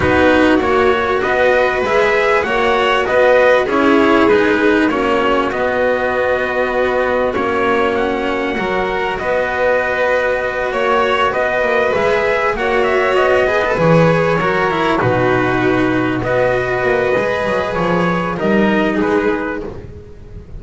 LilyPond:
<<
  \new Staff \with { instrumentName = "trumpet" } { \time 4/4 \tempo 4 = 98 b'4 cis''4 dis''4 e''4 | fis''4 dis''4 cis''4 b'4 | cis''4 dis''2. | cis''4 fis''2 dis''4~ |
dis''4. cis''4 dis''4 e''8~ | e''8 fis''8 e''8 dis''4 cis''4.~ | cis''8 b'2 dis''4.~ | dis''4 cis''4 dis''4 b'4 | }
  \new Staff \with { instrumentName = "violin" } { \time 4/4 fis'2 b'2 | cis''4 b'4 gis'2 | fis'1~ | fis'2 ais'4 b'4~ |
b'4. cis''4 b'4.~ | b'8 cis''4. b'4. ais'8~ | ais'8 fis'2 b'4.~ | b'2 ais'4 gis'4 | }
  \new Staff \with { instrumentName = "cello" } { \time 4/4 dis'4 fis'2 gis'4 | fis'2 e'4 dis'4 | cis'4 b2. | cis'2 fis'2~ |
fis'2.~ fis'8 gis'8~ | gis'8 fis'4. gis'16 a'16 gis'4 fis'8 | e'8 dis'2 fis'4. | gis'2 dis'2 | }
  \new Staff \with { instrumentName = "double bass" } { \time 4/4 b4 ais4 b4 gis4 | ais4 b4 cis'4 gis4 | ais4 b2. | ais2 fis4 b4~ |
b4. ais4 b8 ais8 gis8~ | gis8 ais4 b4 e4 fis8~ | fis8 b,2 b4 ais8 | gis8 fis8 f4 g4 gis4 | }
>>